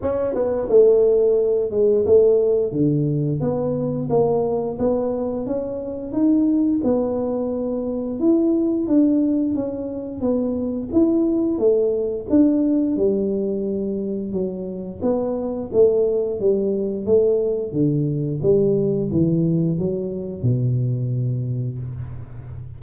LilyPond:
\new Staff \with { instrumentName = "tuba" } { \time 4/4 \tempo 4 = 88 cis'8 b8 a4. gis8 a4 | d4 b4 ais4 b4 | cis'4 dis'4 b2 | e'4 d'4 cis'4 b4 |
e'4 a4 d'4 g4~ | g4 fis4 b4 a4 | g4 a4 d4 g4 | e4 fis4 b,2 | }